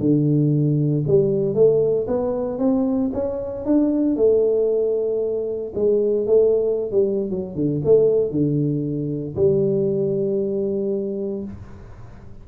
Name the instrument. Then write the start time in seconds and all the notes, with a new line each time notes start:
tuba
0.00 D3
1.07 G3
1.55 A3
2.08 B3
2.59 C4
3.14 C#4
3.66 D4
4.17 A3
5.75 G#3
6.27 A3
6.92 G3
7.31 F#3
7.56 D3
7.85 A3
8.31 D3
9.36 G3